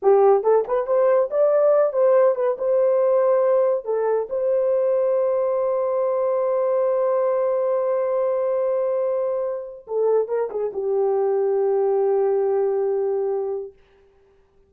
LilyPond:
\new Staff \with { instrumentName = "horn" } { \time 4/4 \tempo 4 = 140 g'4 a'8 b'8 c''4 d''4~ | d''8 c''4 b'8 c''2~ | c''4 a'4 c''2~ | c''1~ |
c''1~ | c''2. a'4 | ais'8 gis'8 g'2.~ | g'1 | }